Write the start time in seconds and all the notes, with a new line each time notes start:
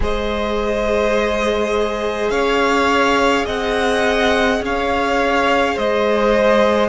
0.00 G#3 G#4 C5 D#5
2.30 C#4 C#5 F5
3.45 C4 D#5 F#5
4.61 C#4 C#5 F5
5.75 G#3 C5 D#5